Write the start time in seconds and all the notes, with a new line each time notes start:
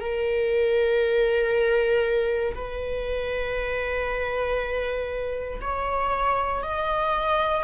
0.00 A#4
2.55 B4
5.61 C#5
6.63 D#5